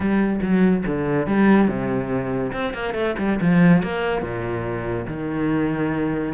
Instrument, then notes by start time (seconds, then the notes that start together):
cello
0.00 G3
0.42 F#3
0.86 D3
1.26 G3
1.67 C3
2.52 C4
2.73 A#3
2.93 A3
3.18 G3
3.40 F3
3.82 A#3
4.22 A#2
5.07 D#3